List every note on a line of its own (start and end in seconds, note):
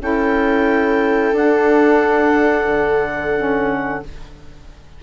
0.00 1.32 C#4
0.00 1.33 E4
0.00 4.03 A4
0.00 1.36 G5
1.32 2.65 D4
1.32 3.36 D4
1.32 4.03 F#5
2.67 4.00 D3
3.36 4.03 C#4